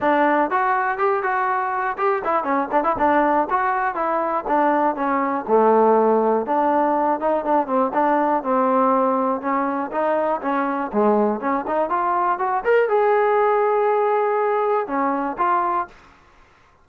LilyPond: \new Staff \with { instrumentName = "trombone" } { \time 4/4 \tempo 4 = 121 d'4 fis'4 g'8 fis'4. | g'8 e'8 cis'8 d'16 e'16 d'4 fis'4 | e'4 d'4 cis'4 a4~ | a4 d'4. dis'8 d'8 c'8 |
d'4 c'2 cis'4 | dis'4 cis'4 gis4 cis'8 dis'8 | f'4 fis'8 ais'8 gis'2~ | gis'2 cis'4 f'4 | }